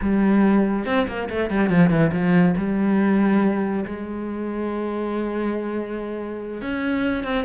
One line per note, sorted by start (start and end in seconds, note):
0.01 0.85 G3
0.85 1.07 C4
1.07 1.29 A#3
1.29 1.50 A3
1.50 1.69 G3
1.69 1.90 F3
1.90 2.11 E3
2.12 2.54 F3
2.57 3.84 G3
3.85 6.61 G#3
6.61 7.24 C#4
7.24 7.45 C4